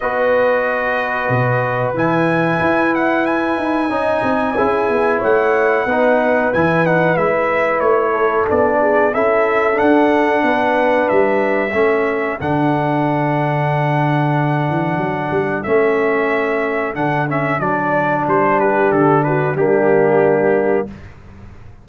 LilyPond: <<
  \new Staff \with { instrumentName = "trumpet" } { \time 4/4 \tempo 4 = 92 dis''2. gis''4~ | gis''8 fis''8 gis''2. | fis''2 gis''8 fis''8 e''4 | cis''4 d''4 e''4 fis''4~ |
fis''4 e''2 fis''4~ | fis''1 | e''2 fis''8 e''8 d''4 | c''8 b'8 a'8 b'8 g'2 | }
  \new Staff \with { instrumentName = "horn" } { \time 4/4 b'1~ | b'2 dis''4 gis'4 | cis''4 b'2.~ | b'8 a'4 gis'8 a'2 |
b'2 a'2~ | a'1~ | a'1~ | a'8 g'4 fis'8 d'2 | }
  \new Staff \with { instrumentName = "trombone" } { \time 4/4 fis'2. e'4~ | e'2 dis'4 e'4~ | e'4 dis'4 e'8 dis'8 e'4~ | e'4 d'4 e'4 d'4~ |
d'2 cis'4 d'4~ | d'1 | cis'2 d'8 cis'8 d'4~ | d'2 ais2 | }
  \new Staff \with { instrumentName = "tuba" } { \time 4/4 b2 b,4 e4 | e'4. dis'8 cis'8 c'8 cis'8 b8 | a4 b4 e4 gis4 | a4 b4 cis'4 d'4 |
b4 g4 a4 d4~ | d2~ d8 e8 fis8 g8 | a2 d4 fis4 | g4 d4 g2 | }
>>